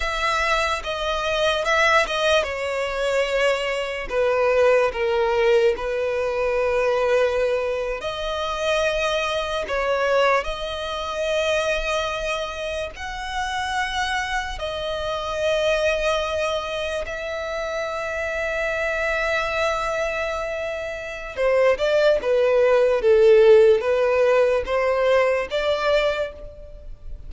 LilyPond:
\new Staff \with { instrumentName = "violin" } { \time 4/4 \tempo 4 = 73 e''4 dis''4 e''8 dis''8 cis''4~ | cis''4 b'4 ais'4 b'4~ | b'4.~ b'16 dis''2 cis''16~ | cis''8. dis''2. fis''16~ |
fis''4.~ fis''16 dis''2~ dis''16~ | dis''8. e''2.~ e''16~ | e''2 c''8 d''8 b'4 | a'4 b'4 c''4 d''4 | }